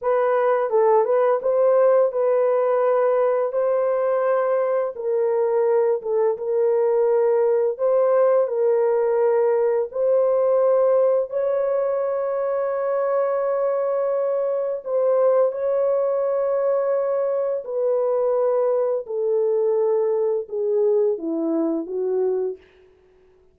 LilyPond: \new Staff \with { instrumentName = "horn" } { \time 4/4 \tempo 4 = 85 b'4 a'8 b'8 c''4 b'4~ | b'4 c''2 ais'4~ | ais'8 a'8 ais'2 c''4 | ais'2 c''2 |
cis''1~ | cis''4 c''4 cis''2~ | cis''4 b'2 a'4~ | a'4 gis'4 e'4 fis'4 | }